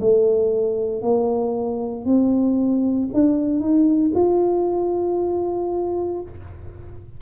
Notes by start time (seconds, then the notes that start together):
0.00 A3
1.02 A#3
2.05 C4
3.13 D4
3.60 D#4
4.15 F4